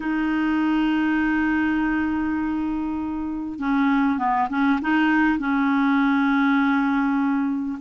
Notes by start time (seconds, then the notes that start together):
0.00 D#4
3.59 C#4
4.18 B3
4.49 C#4
4.81 D#4
5.38 C#4